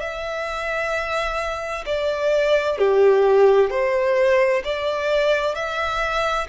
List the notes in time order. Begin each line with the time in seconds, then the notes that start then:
0.00 E5
1.86 D5
2.79 G4
3.70 C5
4.64 D5
5.55 E5